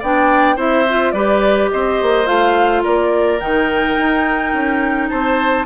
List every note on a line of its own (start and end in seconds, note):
0.00 0.57 B3
0.00 0.57 D4
0.00 0.57 D5
0.00 0.59 G5
0.57 1.13 C4
0.57 0.86 E4
0.57 1.13 C5
0.57 1.12 E5
0.89 1.16 F4
1.12 1.70 G3
1.12 2.26 G4
1.12 1.71 B4
1.12 1.69 D5
1.71 2.02 C4
1.71 2.83 C5
1.71 2.27 D#5
2.02 2.28 A#3
2.26 2.85 A3
2.26 3.39 F4
2.26 2.83 F5
2.83 3.41 A#3
2.83 5.10 A#4
2.83 3.40 D5
3.40 3.97 D#3
3.40 5.67 D#4
3.40 5.09 G5
3.97 4.54 D#4
4.54 5.10 C#4
5.09 5.67 C4
5.09 5.67 C5
5.09 5.66 A5